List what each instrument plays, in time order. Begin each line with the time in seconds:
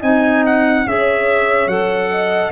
0.00 tuba C4, clarinet D#4, horn D#5, trumpet G#5
0.45 trumpet F#5
0.85 tuba C#4, clarinet G#4, horn C#5, trumpet E5
1.66 tuba F#3, clarinet A4, trumpet F#5
2.11 horn D#5